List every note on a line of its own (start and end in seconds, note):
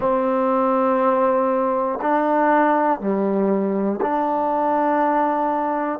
0.00 1.99 C4
2.01 3.00 D4
3.00 4.00 G3
4.01 5.99 D4